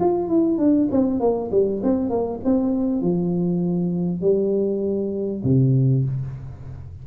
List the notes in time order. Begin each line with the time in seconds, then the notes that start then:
0.00 F4
0.28 E4
0.58 D4
0.91 C4
1.20 A#3
1.52 G3
1.83 C4
2.10 A#3
2.45 C4
3.02 F3
4.21 G3
5.44 C3